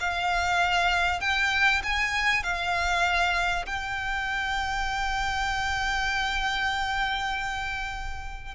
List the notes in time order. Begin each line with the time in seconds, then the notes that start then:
0.00 F5
1.21 G5
1.83 G#5
2.43 F5
3.66 G5